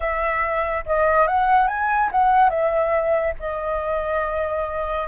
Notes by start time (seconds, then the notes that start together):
0.00 E5
0.85 D#5
1.27 F#5
1.67 G#5
2.11 F#5
2.49 E5
3.39 D#5